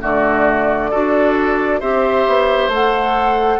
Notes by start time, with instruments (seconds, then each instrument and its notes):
0.00 bassoon D3, clarinet A3, oboe F#4, flute D5
0.90 bassoon D4, clarinet F#4, oboe A4
1.80 bassoon C4, clarinet G4, oboe C5, flute E5
2.27 bassoon B3
2.68 bassoon A3, clarinet A4, flute F#5